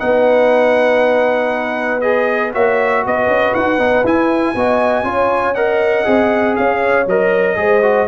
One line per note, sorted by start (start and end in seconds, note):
0.00 2.55 B3
0.00 2.02 D#4
0.00 2.53 B4
0.00 2.02 F#5
2.02 2.53 G#4
2.02 2.52 D#5
2.53 3.06 A#3
2.53 3.79 F#4
2.53 3.03 C#5
2.53 3.05 E5
3.05 3.28 B3
3.05 4.56 B4
3.05 3.55 D#5
3.28 3.53 C#4
3.55 3.79 D#4
3.55 4.05 F#5
3.79 4.04 B3
3.79 4.04 D#4
4.04 4.55 E4
4.04 4.56 E4
4.04 5.55 G#5
4.55 5.04 B3
4.55 5.05 F#4
4.55 5.06 D#5
5.04 6.05 C#4
5.04 5.55 F4
5.04 5.55 C#5
5.55 6.05 A#4
5.55 6.56 D#5
5.55 6.56 F#5
6.05 6.58 C4
6.05 7.06 G#4
6.56 7.07 C#4
6.56 7.58 C#5
6.56 7.07 F5
7.07 7.57 F#3
7.07 7.56 A#4
7.07 8.08 D#5
7.56 8.08 G#3
7.56 7.82 G#4
7.56 8.08 C5
7.83 8.08 F#4